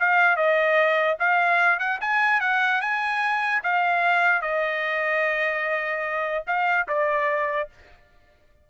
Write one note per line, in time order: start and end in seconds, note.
0.00 0.37 F5
0.37 1.18 D#5
1.19 1.79 F5
1.79 2.00 F#5
2.01 2.41 G#5
2.41 2.82 F#5
2.82 3.63 G#5
3.64 4.42 F5
4.42 6.45 D#5
6.47 6.88 F5
6.88 7.70 D5